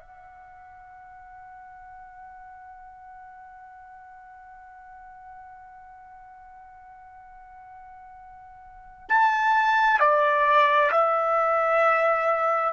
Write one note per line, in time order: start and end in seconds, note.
0.00 9.09 F#5
9.09 10.00 A5
10.00 10.91 D5
10.91 12.73 E5